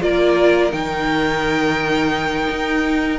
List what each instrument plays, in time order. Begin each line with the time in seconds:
0.00 cello A#3, viola F4, violin A#4 D5
0.70 cello D#3, viola D#4, violin G5
2.49 cello D#4